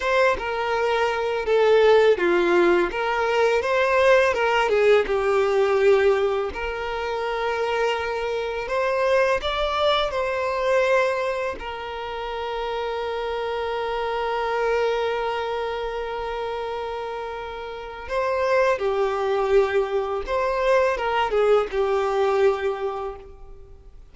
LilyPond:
\new Staff \with { instrumentName = "violin" } { \time 4/4 \tempo 4 = 83 c''8 ais'4. a'4 f'4 | ais'4 c''4 ais'8 gis'8 g'4~ | g'4 ais'2. | c''4 d''4 c''2 |
ais'1~ | ais'1~ | ais'4 c''4 g'2 | c''4 ais'8 gis'8 g'2 | }